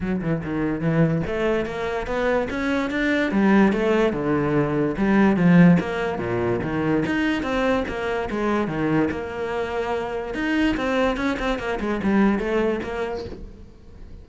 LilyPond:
\new Staff \with { instrumentName = "cello" } { \time 4/4 \tempo 4 = 145 fis8 e8 dis4 e4 a4 | ais4 b4 cis'4 d'4 | g4 a4 d2 | g4 f4 ais4 ais,4 |
dis4 dis'4 c'4 ais4 | gis4 dis4 ais2~ | ais4 dis'4 c'4 cis'8 c'8 | ais8 gis8 g4 a4 ais4 | }